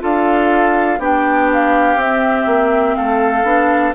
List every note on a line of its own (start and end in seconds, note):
0.00 0.99 D4
0.00 0.98 F4
0.00 0.99 A4
0.00 1.02 F5
0.99 1.96 B3
0.99 1.99 D4
0.99 2.96 G4
0.99 1.52 G5
1.53 2.01 F5
1.96 2.45 C4
1.96 3.44 C4
1.96 2.96 E5
2.46 2.95 A#3
2.96 3.44 A3
2.96 3.95 A4
2.96 3.94 F5
3.44 3.93 B3
3.44 3.94 D4